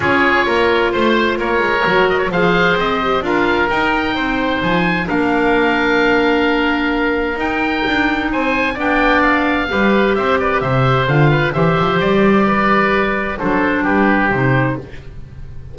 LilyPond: <<
  \new Staff \with { instrumentName = "oboe" } { \time 4/4 \tempo 4 = 130 cis''2 c''4 cis''4~ | cis''8 dis''16 cis''16 f''4 dis''4 f''4 | g''2 gis''4 f''4~ | f''1 |
g''2 gis''4 g''4 | f''2 e''8 d''8 e''4 | f''4 e''4 d''2~ | d''4 c''4 b'4 c''4 | }
  \new Staff \with { instrumentName = "oboe" } { \time 4/4 gis'4 ais'4 c''4 ais'4~ | ais'4 c''2 ais'4~ | ais'4 c''2 ais'4~ | ais'1~ |
ais'2 c''4 d''4~ | d''4 b'4 c''8 b'8 c''4~ | c''8 b'8 c''2 b'4~ | b'4 a'4 g'2 | }
  \new Staff \with { instrumentName = "clarinet" } { \time 4/4 f'1 | fis'4 gis'4. g'8 f'4 | dis'2. d'4~ | d'1 |
dis'2. d'4~ | d'4 g'2. | f'4 g'2.~ | g'4 d'2 dis'4 | }
  \new Staff \with { instrumentName = "double bass" } { \time 4/4 cis'4 ais4 a4 ais8 gis8 | fis4 f4 c'4 d'4 | dis'4 c'4 f4 ais4~ | ais1 |
dis'4 d'4 c'4 b4~ | b4 g4 c'4 c4 | d4 e8 f8 g2~ | g4 fis4 g4 c4 | }
>>